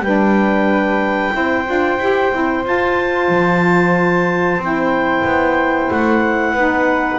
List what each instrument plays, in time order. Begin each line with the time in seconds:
0.00 double bass G3, saxophone D4, flute B4, clarinet G5
1.32 double bass C4, saxophone E4, flute C5
1.66 double bass D4, saxophone F4
1.99 double bass E4, saxophone G4
2.32 double bass C4, saxophone E4
2.63 saxophone F4, double bass F4, clarinet A5
3.29 double bass F3
4.58 double bass C4, saxophone E4
4.64 clarinet G5
5.25 double bass B3
5.91 double bass A3, clarinet F#5
6.53 double bass B3, saxophone D#4, flute B4